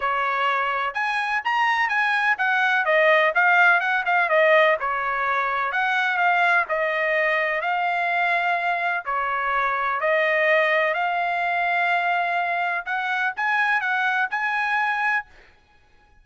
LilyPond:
\new Staff \with { instrumentName = "trumpet" } { \time 4/4 \tempo 4 = 126 cis''2 gis''4 ais''4 | gis''4 fis''4 dis''4 f''4 | fis''8 f''8 dis''4 cis''2 | fis''4 f''4 dis''2 |
f''2. cis''4~ | cis''4 dis''2 f''4~ | f''2. fis''4 | gis''4 fis''4 gis''2 | }